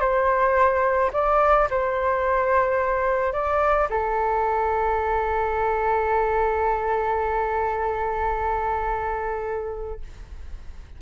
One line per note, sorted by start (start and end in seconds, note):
0.00 1.11 C5
1.13 1.69 D5
1.70 3.33 C5
3.33 3.88 D5
3.90 10.01 A4